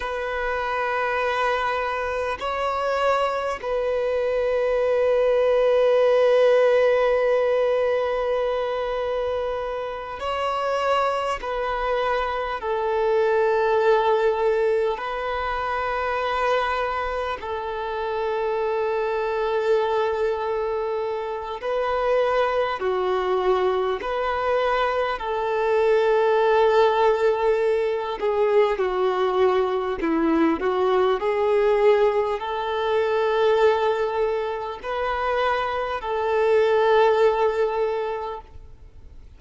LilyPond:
\new Staff \with { instrumentName = "violin" } { \time 4/4 \tempo 4 = 50 b'2 cis''4 b'4~ | b'1~ | b'8 cis''4 b'4 a'4.~ | a'8 b'2 a'4.~ |
a'2 b'4 fis'4 | b'4 a'2~ a'8 gis'8 | fis'4 e'8 fis'8 gis'4 a'4~ | a'4 b'4 a'2 | }